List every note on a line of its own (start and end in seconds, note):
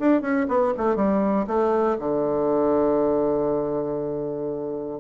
0.00 0.22 D4
0.22 0.47 C#4
0.49 0.74 B3
0.78 0.96 A3
0.96 1.46 G3
1.47 1.98 A3
1.99 5.01 D3